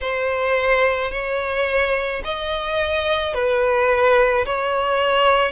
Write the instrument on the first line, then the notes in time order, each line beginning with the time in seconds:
violin
0.00 C5
1.11 C#5
2.24 D#5
3.34 B4
4.45 C#5